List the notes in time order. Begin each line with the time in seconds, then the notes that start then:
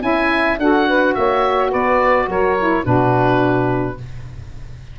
0.00 C#4 E4 E5 G#5
0.58 D4 F#4 A4 F#5
0.87 B4
1.14 A#3 C#5 E5
1.69 B3 B4 D5
2.28 F#3 A#4 C#5
2.59 E4
2.84 B2 D4 F#4 B4